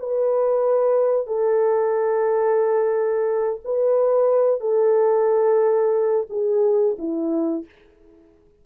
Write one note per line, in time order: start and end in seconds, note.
0.00 1.27 B4
1.27 3.61 A4
3.65 4.61 B4
4.61 6.28 A4
6.30 6.97 G#4
6.99 7.66 E4